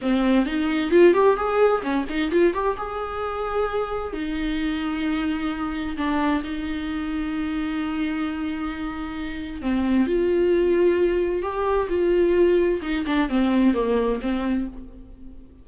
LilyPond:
\new Staff \with { instrumentName = "viola" } { \time 4/4 \tempo 4 = 131 c'4 dis'4 f'8 g'8 gis'4 | cis'8 dis'8 f'8 g'8 gis'2~ | gis'4 dis'2.~ | dis'4 d'4 dis'2~ |
dis'1~ | dis'4 c'4 f'2~ | f'4 g'4 f'2 | dis'8 d'8 c'4 ais4 c'4 | }